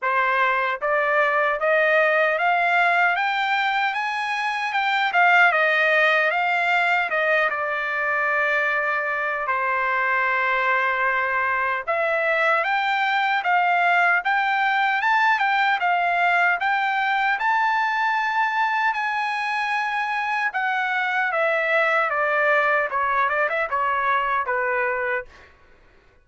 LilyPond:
\new Staff \with { instrumentName = "trumpet" } { \time 4/4 \tempo 4 = 76 c''4 d''4 dis''4 f''4 | g''4 gis''4 g''8 f''8 dis''4 | f''4 dis''8 d''2~ d''8 | c''2. e''4 |
g''4 f''4 g''4 a''8 g''8 | f''4 g''4 a''2 | gis''2 fis''4 e''4 | d''4 cis''8 d''16 e''16 cis''4 b'4 | }